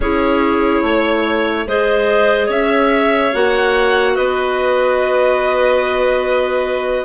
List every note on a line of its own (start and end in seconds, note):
0.00 0.81 C#4
0.00 1.67 E4
0.00 0.83 G#4
0.00 1.67 C#5
0.82 1.65 A3
0.82 1.66 C#5
1.66 2.48 G#3
1.66 3.33 G#4
1.66 2.46 C5
1.66 2.51 D#5
2.46 3.32 C#4
2.46 4.13 C#5
2.46 3.34 E5
3.33 4.17 A#3
3.33 7.05 F#4
3.33 4.15 F#5
4.14 7.05 B3
4.14 7.05 B4
4.14 7.05 D#5